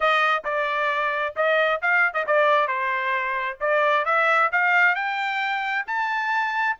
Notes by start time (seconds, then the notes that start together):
0.00 D#5
0.44 D5
1.36 D#5
1.81 F5
2.13 D#5
2.27 D5
2.67 C5
3.60 D5
4.05 E5
4.51 F5
4.95 G5
5.86 A5